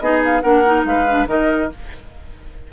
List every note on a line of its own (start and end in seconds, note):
0.00 0.42 B3
0.00 0.42 D#4
0.00 0.43 G#4
0.00 0.21 D#5
0.25 0.41 F5
0.41 0.85 A#3
0.41 0.63 D4
0.41 0.85 A#4
0.41 0.83 F#5
0.65 1.07 D#4
0.85 1.26 G#3
0.85 1.28 B4
0.85 1.28 F5
1.08 1.27 D4
1.26 1.68 D#3
1.26 1.69 D#4
1.26 1.71 A#4
1.26 1.72 D#5